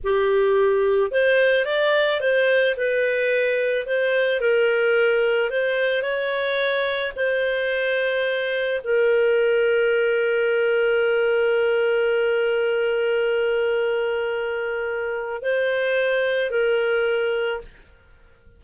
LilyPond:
\new Staff \with { instrumentName = "clarinet" } { \time 4/4 \tempo 4 = 109 g'2 c''4 d''4 | c''4 b'2 c''4 | ais'2 c''4 cis''4~ | cis''4 c''2. |
ais'1~ | ais'1~ | ais'1 | c''2 ais'2 | }